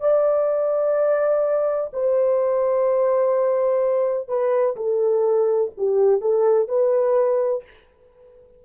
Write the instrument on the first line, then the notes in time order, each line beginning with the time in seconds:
horn
0.00 D5
1.93 C5
4.28 B4
4.76 A4
5.77 G4
6.21 A4
6.68 B4